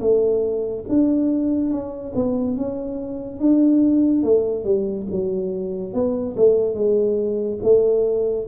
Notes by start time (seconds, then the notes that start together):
0.00 A3
0.89 D4
1.71 C#4
2.15 B3
2.57 C#4
3.40 D4
4.23 A3
4.64 G3
5.11 F#3
5.93 B3
6.36 A3
6.74 G#3
7.62 A3